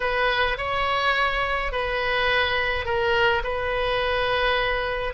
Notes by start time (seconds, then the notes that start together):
0.00 B4
0.57 C#5
1.71 B4
2.85 A#4
3.43 B4